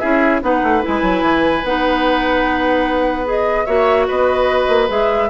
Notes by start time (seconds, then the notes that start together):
0.00 C#4 E4 G#4 E5
0.42 B3 D#4 B4 F#5
0.63 A3
0.82 G#3 E4 G#5
1.02 F#3
1.22 E3
1.64 B3 D#4 F#5
3.25 G#4 D#5
3.66 A#3 F#4 C#5 E5
4.08 B3 B4 D#5
4.68 A#3
4.88 G#3 G#4 E5